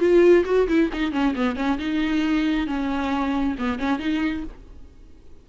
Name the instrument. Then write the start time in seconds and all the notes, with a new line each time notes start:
viola
0.00 F4
0.45 F#4
0.68 E4
0.93 D#4
1.12 C#4
1.36 B3
1.56 C#4
1.79 D#4
2.67 C#4
3.59 B3
3.79 C#4
3.99 D#4